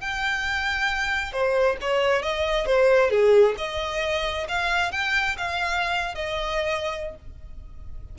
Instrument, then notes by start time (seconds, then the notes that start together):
violin
0.00 G5
1.32 C5
1.81 C#5
2.22 D#5
2.66 C5
3.10 G#4
3.57 D#5
4.48 F5
4.92 G5
5.37 F5
6.14 D#5